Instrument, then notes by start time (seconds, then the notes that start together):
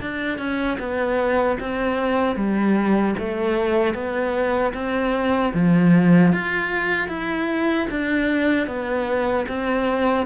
cello
0.00 D4
0.38 C#4
0.79 B3
1.60 C4
2.35 G3
3.18 A3
3.94 B3
4.73 C4
5.53 F3
6.32 F4
7.08 E4
7.90 D4
8.66 B3
9.48 C4